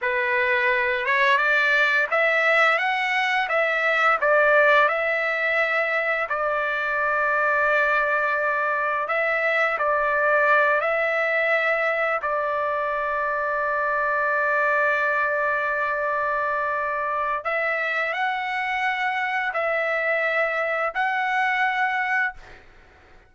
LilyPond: \new Staff \with { instrumentName = "trumpet" } { \time 4/4 \tempo 4 = 86 b'4. cis''8 d''4 e''4 | fis''4 e''4 d''4 e''4~ | e''4 d''2.~ | d''4 e''4 d''4. e''8~ |
e''4. d''2~ d''8~ | d''1~ | d''4 e''4 fis''2 | e''2 fis''2 | }